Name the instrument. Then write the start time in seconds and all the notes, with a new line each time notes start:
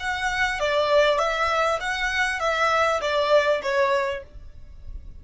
violin
0.00 F#5
0.60 D5
1.19 E5
1.80 F#5
2.40 E5
3.01 D5
3.62 C#5